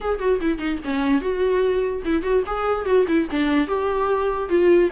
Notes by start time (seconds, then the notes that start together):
0.00 G#4
0.19 F#4
0.41 E4
0.58 D#4
0.84 C#4
1.21 F#4
2.04 E4
2.22 F#4
2.46 G#4
2.85 F#4
3.07 E4
3.30 D4
3.67 G4
4.49 F4